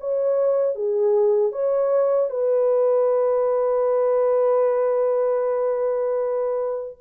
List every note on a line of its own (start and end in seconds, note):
0.00 0.75 C#5
0.75 1.52 G#4
1.52 2.30 C#5
2.30 6.98 B4